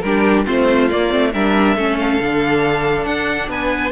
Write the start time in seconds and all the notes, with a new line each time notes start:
0.00 G3 D4 G4 A#4
0.44 A3 C4 F4 C5
0.89 A#3 D5
1.10 A3 C4
1.33 G3 D4 A#4 E5
1.75 A3 C#4 A4
1.98 F5
2.20 D3 D4
3.05 D4 F#5
3.48 B3 B4 G#5